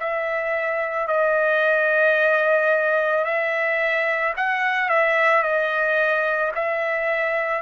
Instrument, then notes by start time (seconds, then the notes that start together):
trumpet
0.00 E5
1.07 D#5
3.25 E5
4.36 F#5
4.89 E5
5.42 D#5
6.55 E5